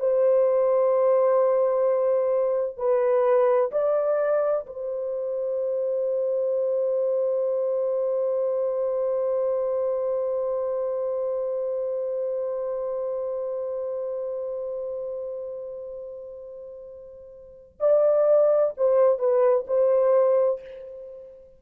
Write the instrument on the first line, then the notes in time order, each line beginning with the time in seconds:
horn
0.00 C5
2.78 B4
3.72 D5
4.67 C5
17.80 D5
18.78 C5
19.19 B4
19.67 C5